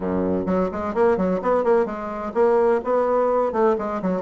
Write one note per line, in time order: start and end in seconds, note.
0.00 0.45 F#2
0.46 0.69 F#3
0.71 0.94 G#3
0.94 1.17 A#3
1.17 1.40 F#3
1.42 1.64 B3
1.64 1.85 A#3
1.85 2.32 G#3
2.34 2.80 A#3
2.84 3.52 B3
3.52 3.75 A3
3.78 4.01 G#3
4.02 4.22 F#3